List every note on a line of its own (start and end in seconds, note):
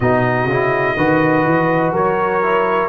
0.00 0.46 B2
0.00 0.50 D#4
0.00 0.96 F#4
0.00 1.93 D#5
0.46 0.94 C#3
0.46 0.97 E4
0.96 1.45 D#3
0.96 2.42 F#4
0.96 1.92 B4
1.45 1.92 E3
1.92 2.89 F#3
1.92 2.89 A#4
1.92 2.89 C#5
2.42 2.89 E4